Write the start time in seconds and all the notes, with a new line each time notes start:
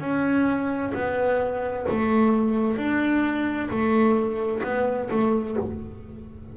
0.00 C#4
0.94 B3
1.89 A3
2.77 D4
3.70 A3
4.63 B3
5.11 A3